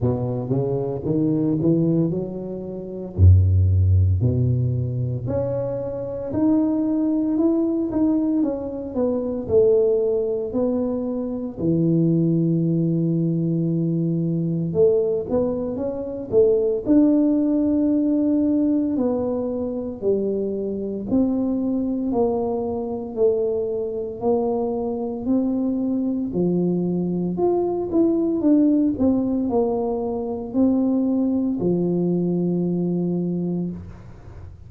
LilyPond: \new Staff \with { instrumentName = "tuba" } { \time 4/4 \tempo 4 = 57 b,8 cis8 dis8 e8 fis4 fis,4 | b,4 cis'4 dis'4 e'8 dis'8 | cis'8 b8 a4 b4 e4~ | e2 a8 b8 cis'8 a8 |
d'2 b4 g4 | c'4 ais4 a4 ais4 | c'4 f4 f'8 e'8 d'8 c'8 | ais4 c'4 f2 | }